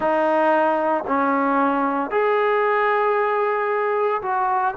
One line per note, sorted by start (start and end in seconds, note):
0.00 1.03 D#4
1.07 2.11 C#4
2.11 4.21 G#4
4.22 4.74 F#4